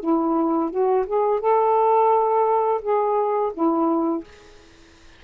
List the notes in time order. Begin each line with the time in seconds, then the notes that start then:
0.00 E4
0.70 F#4
1.06 G#4
1.40 A4
2.82 G#4
3.54 E4